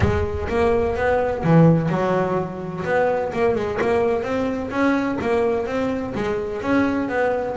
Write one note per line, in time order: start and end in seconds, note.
0.00 0.47 G#3
0.48 0.96 A#3
0.96 1.43 B3
1.43 1.89 E3
1.89 2.83 F#3
2.84 3.31 B3
3.33 3.55 A#3
3.55 3.79 G#3
3.81 4.22 A#3
4.22 4.70 C4
4.71 5.18 C#4
5.21 5.66 A#3
5.66 6.13 C4
6.14 6.61 G#3
6.61 7.08 C#4
7.08 7.56 B3